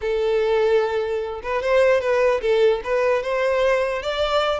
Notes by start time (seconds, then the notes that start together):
0.01 A4
1.42 B4
1.62 C5
2.00 B4
2.41 A4
2.84 B4
3.22 C5
4.02 D5